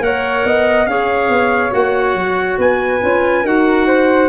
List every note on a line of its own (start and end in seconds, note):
0.00 0.43 A#3
0.00 0.86 A#4
0.00 0.46 C#5
0.00 0.86 F#5
0.45 0.87 B3
0.45 0.89 D#5
0.86 1.29 C#4
0.86 1.71 G#4
0.86 2.60 C#5
0.86 1.72 F5
1.29 1.72 B3
1.71 2.15 A#3
1.71 2.99 F#4
1.71 2.60 F#5
2.15 2.58 F#3
2.59 3.01 B3
2.59 3.43 B4
2.59 3.47 G#5
3.02 3.44 C#4
3.02 3.45 F4
3.43 4.29 D#4
3.43 4.29 F#4
3.43 3.86 A#4
3.43 4.29 F#5
3.87 4.29 C5